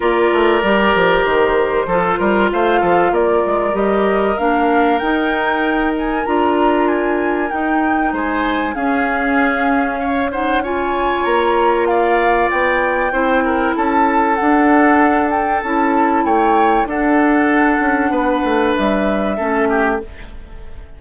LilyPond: <<
  \new Staff \with { instrumentName = "flute" } { \time 4/4 \tempo 4 = 96 d''2 c''2 | f''4 d''4 dis''4 f''4 | g''4. gis''8 ais''4 gis''4 | g''4 gis''4 f''2~ |
f''8 fis''8 gis''4 ais''4 f''4 | g''2 a''4 fis''4~ | fis''8 g''8 a''4 g''4 fis''4~ | fis''2 e''2 | }
  \new Staff \with { instrumentName = "oboe" } { \time 4/4 ais'2. a'8 ais'8 | c''8 a'8 ais'2.~ | ais'1~ | ais'4 c''4 gis'2 |
cis''8 c''8 cis''2 d''4~ | d''4 c''8 ais'8 a'2~ | a'2 cis''4 a'4~ | a'4 b'2 a'8 g'8 | }
  \new Staff \with { instrumentName = "clarinet" } { \time 4/4 f'4 g'2 f'4~ | f'2 g'4 d'4 | dis'2 f'2 | dis'2 cis'2~ |
cis'8 dis'8 f'2.~ | f'4 e'2 d'4~ | d'4 e'2 d'4~ | d'2. cis'4 | }
  \new Staff \with { instrumentName = "bassoon" } { \time 4/4 ais8 a8 g8 f8 dis4 f8 g8 | a8 f8 ais8 gis8 g4 ais4 | dis'2 d'2 | dis'4 gis4 cis'2~ |
cis'2 ais2 | b4 c'4 cis'4 d'4~ | d'4 cis'4 a4 d'4~ | d'8 cis'8 b8 a8 g4 a4 | }
>>